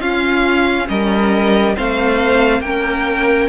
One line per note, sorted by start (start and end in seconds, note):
0.00 0.88 C#4
0.00 1.76 C#4
0.00 0.87 F4
0.00 0.87 F5
0.88 1.75 G3
0.88 1.74 A#4
0.88 1.75 D#5
1.74 2.60 A3
1.74 2.63 C4
1.74 2.61 C5
1.74 2.61 F5
2.60 3.47 A#3
2.60 3.48 C#4
2.60 3.48 A#4
2.60 3.47 G5